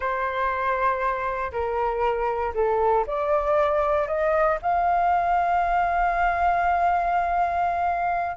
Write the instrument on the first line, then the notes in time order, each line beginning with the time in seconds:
flute
0.00 C5
1.52 A#4
2.54 A4
3.06 D5
4.07 D#5
4.62 F5